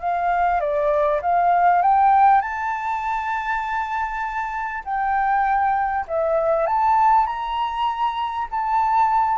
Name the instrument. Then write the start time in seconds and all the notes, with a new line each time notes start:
flute
0.00 F5
0.60 D5
1.21 F5
1.82 G5
2.41 A5
4.85 G5
6.08 E5
6.66 A5
7.26 A#5
8.51 A5